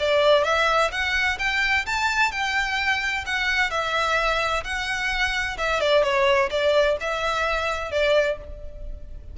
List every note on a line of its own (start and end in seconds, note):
0.00 0.44 D5
0.44 0.91 E5
0.92 1.38 F#5
1.39 1.86 G5
1.86 2.32 A5
2.32 3.25 G5
3.26 3.71 F#5
3.71 4.64 E5
4.64 5.57 F#5
5.58 5.81 E5
5.81 6.03 D5
6.03 6.50 C#5
6.51 6.97 D5
7.01 7.91 E5
7.91 8.38 D5